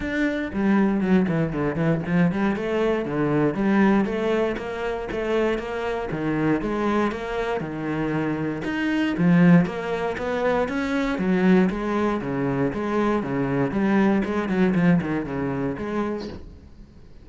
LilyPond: \new Staff \with { instrumentName = "cello" } { \time 4/4 \tempo 4 = 118 d'4 g4 fis8 e8 d8 e8 | f8 g8 a4 d4 g4 | a4 ais4 a4 ais4 | dis4 gis4 ais4 dis4~ |
dis4 dis'4 f4 ais4 | b4 cis'4 fis4 gis4 | cis4 gis4 cis4 g4 | gis8 fis8 f8 dis8 cis4 gis4 | }